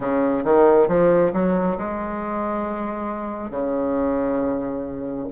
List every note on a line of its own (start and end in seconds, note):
0.00 0.44 C#3
0.44 0.88 D#3
0.88 1.32 F3
1.32 1.76 F#3
1.77 3.50 G#3
3.50 5.27 C#3